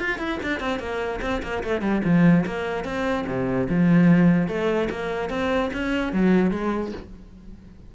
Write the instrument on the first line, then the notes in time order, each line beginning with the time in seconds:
cello
0.00 F4
0.19 E4
0.43 D4
0.60 C4
0.79 A#3
1.22 C4
1.43 A#3
1.64 A3
1.81 G3
2.04 F3
2.46 A#3
2.85 C4
3.27 C3
3.69 F3
4.48 A3
4.90 A#3
5.30 C4
5.73 C#4
6.13 F#3
6.51 G#3